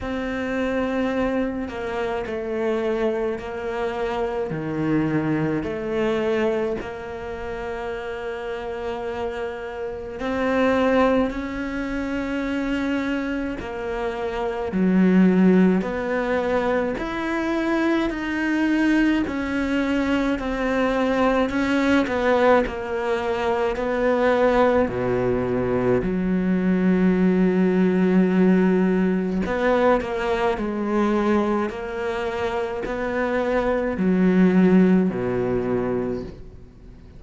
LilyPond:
\new Staff \with { instrumentName = "cello" } { \time 4/4 \tempo 4 = 53 c'4. ais8 a4 ais4 | dis4 a4 ais2~ | ais4 c'4 cis'2 | ais4 fis4 b4 e'4 |
dis'4 cis'4 c'4 cis'8 b8 | ais4 b4 b,4 fis4~ | fis2 b8 ais8 gis4 | ais4 b4 fis4 b,4 | }